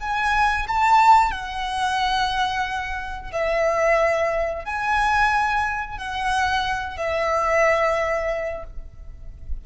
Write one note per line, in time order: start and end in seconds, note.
0.00 0.67 G#5
0.68 1.32 A5
1.32 3.32 F#5
3.32 4.65 E5
4.65 5.98 G#5
5.98 6.97 F#5
6.97 8.64 E5